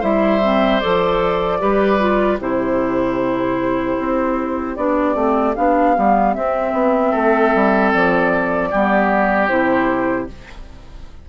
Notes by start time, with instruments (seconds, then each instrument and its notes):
0.00 bassoon G3, clarinet E4, oboe C5, flute E5
0.42 clarinet C4
0.80 bassoon F3, clarinet A4, flute D5
1.60 bassoon G3, clarinet G4, oboe B4
1.99 clarinet F4
2.39 bassoon C3, clarinet E4, oboe G4, flute C5
3.99 bassoon C4
4.76 bassoon B3, clarinet D4, flute D5
5.15 bassoon A3, clarinet C4
5.55 bassoon B3, clarinet D4, flute F5
5.95 bassoon G3, clarinet B3
6.34 clarinet C4, bassoon C4, flute E5
6.73 bassoon B3
7.11 bassoon A3, oboe A4
7.54 bassoon G3
7.93 bassoon F3, flute D5
8.71 bassoon G3, clarinet B3, oboe G4
9.48 bassoon C3, clarinet E4, flute C5